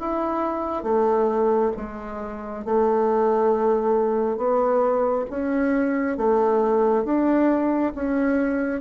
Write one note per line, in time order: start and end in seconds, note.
0.00 0.84 E4
0.84 1.72 A3
1.77 2.65 G#3
2.66 4.38 A3
4.38 5.26 B3
5.30 6.18 C#4
6.18 7.05 A3
7.05 7.93 D4
7.95 8.82 C#4